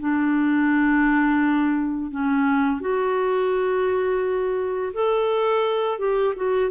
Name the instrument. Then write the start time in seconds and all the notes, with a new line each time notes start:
clarinet
0.00 D4
2.11 C#4
2.81 F#4
4.94 A4
5.99 G4
6.36 F#4